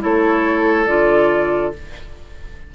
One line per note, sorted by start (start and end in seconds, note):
0.00 0.87 A3
0.00 0.86 E4
0.00 1.75 A4
0.00 0.86 C#5
0.86 1.73 D3
0.86 1.73 F4
0.86 1.72 D5